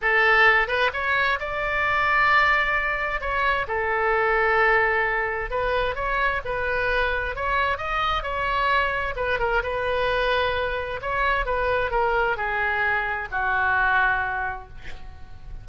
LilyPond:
\new Staff \with { instrumentName = "oboe" } { \time 4/4 \tempo 4 = 131 a'4. b'8 cis''4 d''4~ | d''2. cis''4 | a'1 | b'4 cis''4 b'2 |
cis''4 dis''4 cis''2 | b'8 ais'8 b'2. | cis''4 b'4 ais'4 gis'4~ | gis'4 fis'2. | }